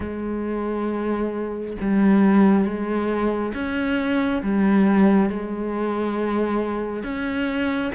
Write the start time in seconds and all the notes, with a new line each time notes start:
0.00 G#3
1.80 G3
2.64 G#3
3.53 C#4
4.42 G3
5.29 G#3
7.03 C#4